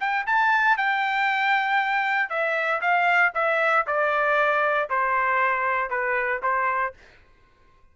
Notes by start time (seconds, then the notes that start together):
0.00 G5
0.26 A5
0.77 G5
2.29 E5
2.81 F5
3.34 E5
3.87 D5
4.90 C5
5.90 B4
6.42 C5